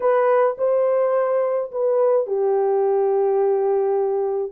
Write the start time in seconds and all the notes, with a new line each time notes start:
0.00 B4
0.58 C5
1.71 B4
2.26 G4